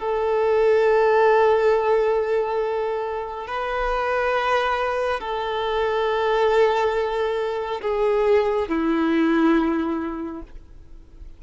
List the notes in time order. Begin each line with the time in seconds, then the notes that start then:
0.00 A4
3.48 B4
5.21 A4
7.82 G#4
8.69 E4